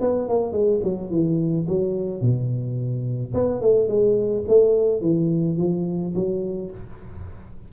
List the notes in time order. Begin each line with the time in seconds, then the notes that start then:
0.00 B3
0.28 A#3
0.52 G#3
0.84 F#3
1.10 E3
1.68 F#3
2.21 B2
3.34 B3
3.61 A3
3.88 G#3
4.48 A3
5.01 E3
5.57 F3
6.15 F#3